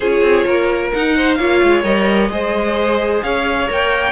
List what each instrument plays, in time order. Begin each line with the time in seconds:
0.00 cello C#4, viola F4, violin G#4 C#5
0.21 cello C4
0.46 cello A#3, violin A#4
0.93 cello D#4, viola D#4, violin F#5
1.16 violin C5
1.34 cello A#3, viola F4, violin C#5 F5
1.62 cello G#3
1.83 cello G3, viola A#4, violin D#5
2.29 cello G#3, viola G#4, violin C5
3.22 cello C#4, violin C#5 F5
3.67 cello A#3, viola A#4, violin G5